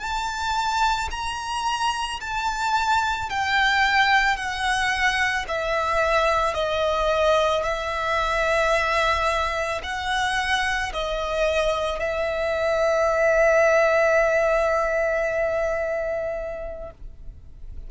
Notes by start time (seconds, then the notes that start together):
0.00 A5
1.11 A#5
2.21 A5
3.30 G5
4.36 F#5
5.48 E5
6.54 D#5
7.63 E5
9.83 F#5
10.93 D#5
12.00 E5